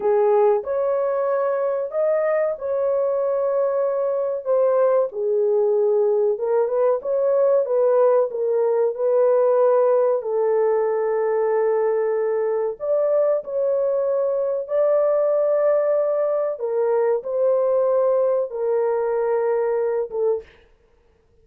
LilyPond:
\new Staff \with { instrumentName = "horn" } { \time 4/4 \tempo 4 = 94 gis'4 cis''2 dis''4 | cis''2. c''4 | gis'2 ais'8 b'8 cis''4 | b'4 ais'4 b'2 |
a'1 | d''4 cis''2 d''4~ | d''2 ais'4 c''4~ | c''4 ais'2~ ais'8 a'8 | }